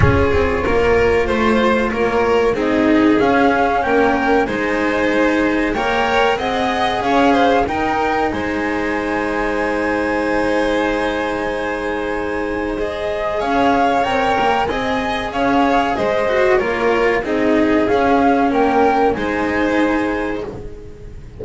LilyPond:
<<
  \new Staff \with { instrumentName = "flute" } { \time 4/4 \tempo 4 = 94 cis''2 c''4 cis''4 | dis''4 f''4 g''4 gis''4~ | gis''4 g''4 fis''4 f''4 | g''4 gis''2.~ |
gis''1 | dis''4 f''4 g''4 gis''4 | f''4 dis''4 cis''4 dis''4 | f''4 g''4 gis''2 | }
  \new Staff \with { instrumentName = "violin" } { \time 4/4 gis'4 ais'4 c''4 ais'4 | gis'2 ais'4 c''4~ | c''4 cis''4 dis''4 cis''8 c''8 | ais'4 c''2.~ |
c''1~ | c''4 cis''2 dis''4 | cis''4 c''4 ais'4 gis'4~ | gis'4 ais'4 c''2 | }
  \new Staff \with { instrumentName = "cello" } { \time 4/4 f'1 | dis'4 cis'2 dis'4~ | dis'4 ais'4 gis'2 | dis'1~ |
dis'1 | gis'2 ais'4 gis'4~ | gis'4. fis'8 f'4 dis'4 | cis'2 dis'2 | }
  \new Staff \with { instrumentName = "double bass" } { \time 4/4 cis'8 c'8 ais4 a4 ais4 | c'4 cis'4 ais4 gis4~ | gis4 ais4 c'4 cis'4 | dis'4 gis2.~ |
gis1~ | gis4 cis'4 c'8 ais8 c'4 | cis'4 gis4 ais4 c'4 | cis'4 ais4 gis2 | }
>>